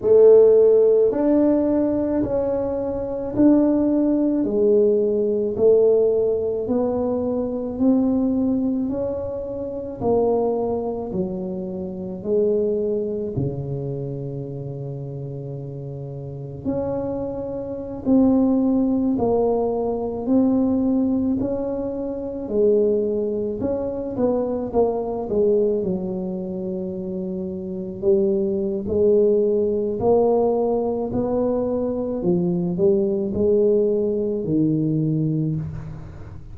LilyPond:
\new Staff \with { instrumentName = "tuba" } { \time 4/4 \tempo 4 = 54 a4 d'4 cis'4 d'4 | gis4 a4 b4 c'4 | cis'4 ais4 fis4 gis4 | cis2. cis'4~ |
cis'16 c'4 ais4 c'4 cis'8.~ | cis'16 gis4 cis'8 b8 ais8 gis8 fis8.~ | fis4~ fis16 g8. gis4 ais4 | b4 f8 g8 gis4 dis4 | }